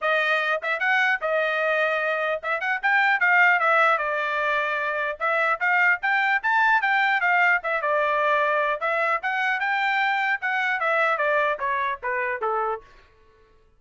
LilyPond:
\new Staff \with { instrumentName = "trumpet" } { \time 4/4 \tempo 4 = 150 dis''4. e''8 fis''4 dis''4~ | dis''2 e''8 fis''8 g''4 | f''4 e''4 d''2~ | d''4 e''4 f''4 g''4 |
a''4 g''4 f''4 e''8 d''8~ | d''2 e''4 fis''4 | g''2 fis''4 e''4 | d''4 cis''4 b'4 a'4 | }